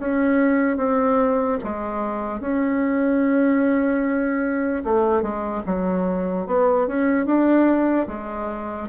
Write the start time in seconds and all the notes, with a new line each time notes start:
0.00 C#4
0.77 C4
1.64 G#3
2.41 C#4
4.85 A3
5.23 G#3
5.67 F#3
6.47 B3
6.88 C#4
7.26 D4
8.08 G#3